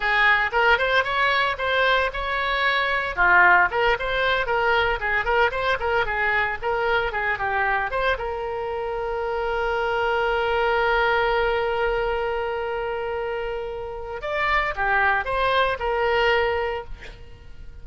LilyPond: \new Staff \with { instrumentName = "oboe" } { \time 4/4 \tempo 4 = 114 gis'4 ais'8 c''8 cis''4 c''4 | cis''2 f'4 ais'8 c''8~ | c''8 ais'4 gis'8 ais'8 c''8 ais'8 gis'8~ | gis'8 ais'4 gis'8 g'4 c''8 ais'8~ |
ais'1~ | ais'1~ | ais'2. d''4 | g'4 c''4 ais'2 | }